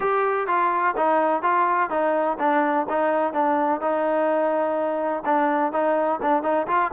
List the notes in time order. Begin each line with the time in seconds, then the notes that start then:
0.00 G4
0.47 F4
0.97 D#4
1.42 F4
1.90 D#4
2.39 D4
2.89 D#4
3.33 D4
3.80 D#4
5.25 D4
5.72 D#4
6.21 D4
6.42 D#4
6.67 F4